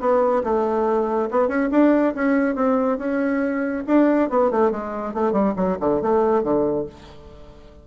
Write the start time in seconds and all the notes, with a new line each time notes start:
0.00 B3
0.44 A3
1.31 B3
1.48 C#4
1.71 D4
2.15 C#4
2.55 C4
2.98 C#4
3.87 D4
4.30 B3
4.51 A3
4.71 G#3
5.14 A3
5.32 G3
5.56 F#3
5.80 D3
6.01 A3
6.43 D3